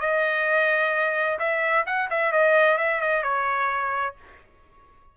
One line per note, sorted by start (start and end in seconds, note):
0.00 1.38 D#5
1.39 1.85 E5
1.86 2.09 F#5
2.10 2.32 E5
2.32 2.78 D#5
2.78 3.01 E5
3.01 3.23 D#5
3.23 4.15 C#5